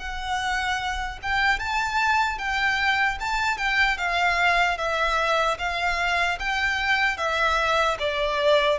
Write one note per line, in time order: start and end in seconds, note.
0.00 1.20 F#5
1.23 1.60 G5
1.60 2.39 A5
2.39 3.19 G5
3.21 3.58 A5
3.58 3.98 G5
3.98 4.78 F5
4.78 5.58 E5
5.59 6.39 F5
6.40 7.17 G5
7.17 7.97 E5
8.00 8.79 D5